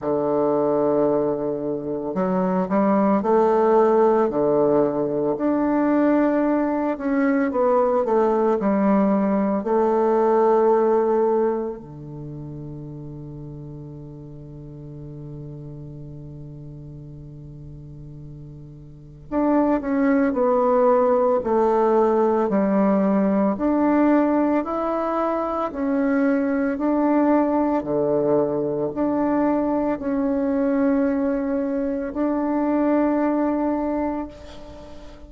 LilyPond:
\new Staff \with { instrumentName = "bassoon" } { \time 4/4 \tempo 4 = 56 d2 fis8 g8 a4 | d4 d'4. cis'8 b8 a8 | g4 a2 d4~ | d1~ |
d2 d'8 cis'8 b4 | a4 g4 d'4 e'4 | cis'4 d'4 d4 d'4 | cis'2 d'2 | }